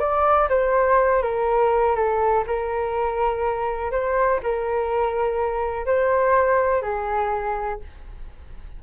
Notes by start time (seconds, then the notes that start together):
0.00 D5
0.49 C5
1.23 A#4
1.96 A4
2.47 A#4
3.92 C5
4.43 A#4
5.86 C5
6.82 G#4